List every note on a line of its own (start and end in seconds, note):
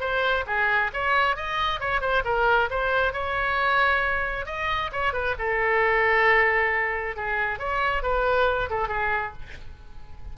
0.00 0.44 C5
0.46 0.91 G#4
0.93 1.36 C#5
1.36 1.80 D#5
1.80 2.01 C#5
2.01 2.23 C5
2.24 2.69 A#4
2.70 3.13 C5
3.13 4.46 C#5
4.46 4.90 D#5
4.92 5.13 C#5
5.13 5.35 B4
5.39 7.16 A4
7.16 7.59 G#4
7.59 8.02 C#5
8.02 8.69 B4
8.69 8.88 A4
8.88 9.33 G#4